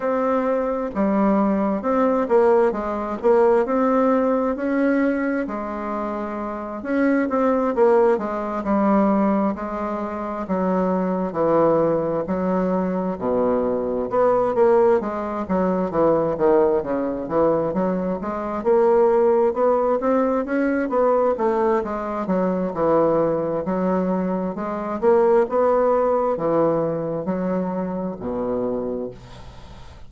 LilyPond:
\new Staff \with { instrumentName = "bassoon" } { \time 4/4 \tempo 4 = 66 c'4 g4 c'8 ais8 gis8 ais8 | c'4 cis'4 gis4. cis'8 | c'8 ais8 gis8 g4 gis4 fis8~ | fis8 e4 fis4 b,4 b8 |
ais8 gis8 fis8 e8 dis8 cis8 e8 fis8 | gis8 ais4 b8 c'8 cis'8 b8 a8 | gis8 fis8 e4 fis4 gis8 ais8 | b4 e4 fis4 b,4 | }